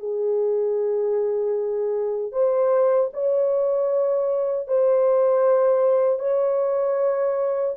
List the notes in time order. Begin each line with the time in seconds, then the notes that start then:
0.00 G#4
2.32 C5
3.14 C#5
4.68 C5
6.20 C#5